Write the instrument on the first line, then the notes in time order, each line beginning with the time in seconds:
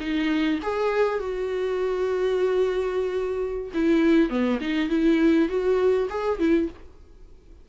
viola
0.00 D#4
0.63 G#4
1.19 F#4
3.74 E4
4.30 B3
4.61 D#4
4.89 E4
5.49 F#4
6.10 G#4
6.39 E4